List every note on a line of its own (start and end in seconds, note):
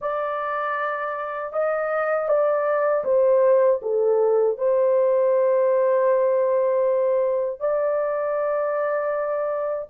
0.01 1.53 D5
1.53 2.28 D#5
2.28 3.04 D5
3.04 3.80 C5
3.82 4.57 A4
4.57 7.59 C5
7.59 9.87 D5